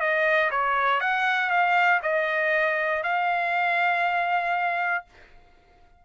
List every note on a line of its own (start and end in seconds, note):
0.00 0.50 D#5
0.51 1.01 C#5
1.01 1.50 F#5
1.50 2.00 F5
2.03 3.03 D#5
3.03 5.05 F5